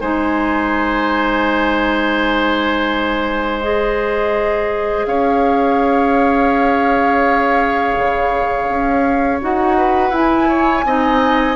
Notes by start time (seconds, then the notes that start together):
0.00 G#3 D#4 C5 G#5
3.61 G#4 D#5
5.05 C#4 C#5 F5
7.98 C#3
8.69 C#4
9.41 D#4 F#4 F#5
9.77 B4
10.10 E4 G#5
10.48 C#5
10.85 C4 D#4 D#5